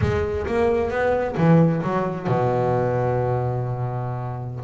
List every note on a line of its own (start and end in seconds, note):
0.01 0.46 G#3
0.46 0.90 A#3
0.90 1.35 B3
1.37 1.82 E3
1.82 2.27 F#3
2.27 4.64 B2